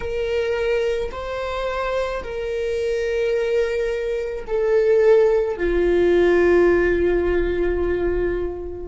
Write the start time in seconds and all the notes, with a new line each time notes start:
0.00 A#4
1.11 C5
2.23 A#4
4.47 A4
5.57 F4